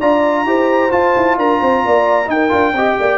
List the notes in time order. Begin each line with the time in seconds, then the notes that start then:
0.00 D4 F4 D5 A#5
0.45 E4 G4 C5
0.90 F4 A5
1.17 E4
1.37 D4 A#4 A#5
1.60 C4 C5
1.86 A#3 D5
2.26 D#4 G5
2.33 A#4
2.49 D4 F4
2.73 C4 G4 D#5
2.99 A#3 D5